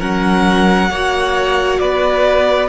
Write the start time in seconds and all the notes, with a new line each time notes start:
0.00 F#3 C#4 A#4 F#5
0.90 A#3 F#4 C#5
1.80 B3 B4 D5